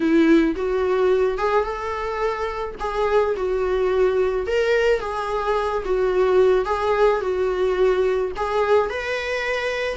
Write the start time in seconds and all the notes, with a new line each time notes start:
0.00 E4
0.56 F#4
1.38 G#4
1.64 A4
2.79 G#4
3.36 F#4
4.46 A#4
5.00 G#4
5.84 F#4
6.65 G#4
7.20 F#4
8.36 G#4
8.89 B4